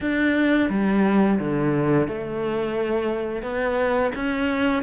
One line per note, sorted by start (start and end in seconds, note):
0.00 0.69 D4
0.69 1.38 G3
1.39 2.08 D3
2.08 3.42 A3
3.42 4.11 B3
4.15 4.82 C#4